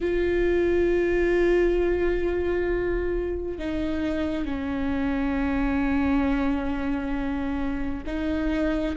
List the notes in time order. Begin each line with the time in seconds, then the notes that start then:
0.00 F4
3.58 D#4
4.45 C#4
8.06 D#4